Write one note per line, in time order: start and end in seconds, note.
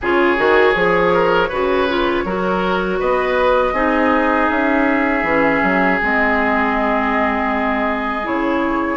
0.01 0.38 C#3
0.01 0.37 F4
0.01 1.13 G#4
0.01 3.00 C#5
0.37 0.74 D#3
0.37 0.74 F#4
0.74 1.49 F3
0.74 1.50 G#4
1.13 1.49 A#4
1.49 2.24 C#3
1.49 1.88 F#4
1.49 2.24 B4
1.88 2.25 F4
2.24 2.99 F#3
2.24 3.74 F#4
2.24 2.99 A#4
2.99 3.73 B3
2.99 3.73 B4
2.99 4.50 D#5
3.73 4.48 C4
3.73 5.24 D#4
3.73 8.97 G#4
4.50 5.22 C#4
4.50 6.00 E5
5.22 5.60 E3
5.22 6.00 C#4
5.62 6.00 F#3
6.01 8.27 G#3
6.01 8.23 C4
6.01 8.26 D#5
8.23 8.97 C#3
8.23 8.97 E4
8.23 8.97 C#5